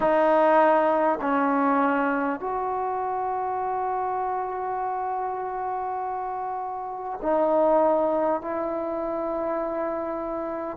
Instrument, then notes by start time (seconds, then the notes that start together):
trombone
0.00 D#4
1.21 C#4
2.40 F#4
7.22 D#4
8.41 E4